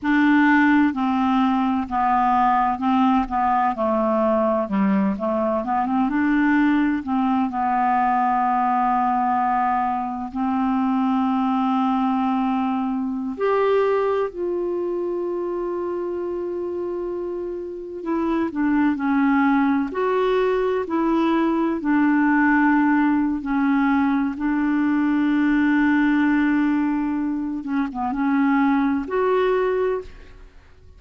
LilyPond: \new Staff \with { instrumentName = "clarinet" } { \time 4/4 \tempo 4 = 64 d'4 c'4 b4 c'8 b8 | a4 g8 a8 b16 c'16 d'4 c'8 | b2. c'4~ | c'2~ c'16 g'4 f'8.~ |
f'2.~ f'16 e'8 d'16~ | d'16 cis'4 fis'4 e'4 d'8.~ | d'4 cis'4 d'2~ | d'4. cis'16 b16 cis'4 fis'4 | }